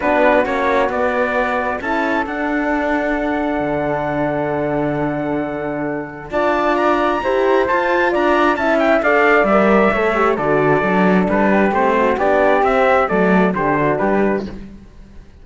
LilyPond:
<<
  \new Staff \with { instrumentName = "trumpet" } { \time 4/4 \tempo 4 = 133 b'4 cis''4 d''2 | a''4 fis''2.~ | fis''1~ | fis''2 a''4 ais''4~ |
ais''4 a''4 ais''4 a''8 g''8 | f''4 e''2 d''4~ | d''4 b'4 c''4 d''4 | e''4 d''4 c''4 b'4 | }
  \new Staff \with { instrumentName = "flute" } { \time 4/4 fis'1 | a'1~ | a'1~ | a'2 d''2 |
c''2 d''4 e''4 | d''2 cis''4 a'4~ | a'4. g'4 fis'8 g'4~ | g'4 a'4 g'8 fis'8 g'4 | }
  \new Staff \with { instrumentName = "horn" } { \time 4/4 d'4 cis'4 b2 | e'4 d'2.~ | d'1~ | d'2 f'2 |
g'4 f'2 e'4 | a'4 ais'4 a'8 g'8 fis'4 | d'2 c'4 d'4 | c'4 a4 d'2 | }
  \new Staff \with { instrumentName = "cello" } { \time 4/4 b4 ais4 b2 | cis'4 d'2. | d1~ | d2 d'2 |
e'4 f'4 d'4 cis'4 | d'4 g4 a4 d4 | fis4 g4 a4 b4 | c'4 fis4 d4 g4 | }
>>